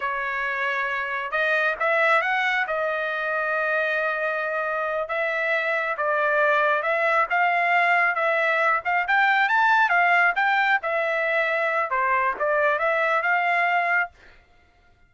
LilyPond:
\new Staff \with { instrumentName = "trumpet" } { \time 4/4 \tempo 4 = 136 cis''2. dis''4 | e''4 fis''4 dis''2~ | dis''2.~ dis''8 e''8~ | e''4. d''2 e''8~ |
e''8 f''2 e''4. | f''8 g''4 a''4 f''4 g''8~ | g''8 e''2~ e''8 c''4 | d''4 e''4 f''2 | }